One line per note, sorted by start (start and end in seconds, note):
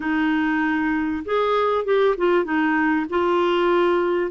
0.00 1.23 D#4
1.25 1.84 G#4
1.84 2.15 G4
2.17 2.44 F4
2.44 3.06 D#4
3.09 4.31 F4